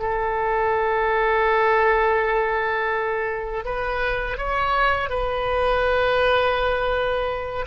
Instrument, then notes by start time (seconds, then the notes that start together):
oboe
0.00 A4
3.65 B4
4.38 C#5
5.10 B4